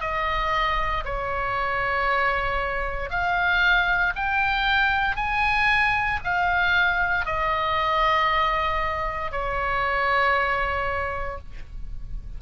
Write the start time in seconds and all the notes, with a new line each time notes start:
0.00 D#5
1.04 C#5
3.09 F5
4.15 G5
5.16 G#5
6.24 F5
7.25 D#5
9.32 C#5